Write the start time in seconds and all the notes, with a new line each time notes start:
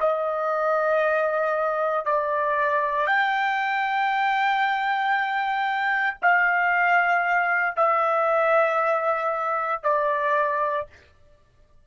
0.00 D#5
2.05 D5
3.07 G5
6.22 F5
7.76 E5
9.83 D5